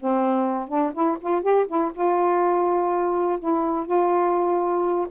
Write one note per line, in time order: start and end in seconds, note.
0.00 0.68 C4
0.68 0.92 D4
0.93 1.17 E4
1.21 1.42 F4
1.42 1.66 G4
1.67 1.91 E4
1.94 3.39 F4
3.39 3.86 E4
3.86 5.07 F4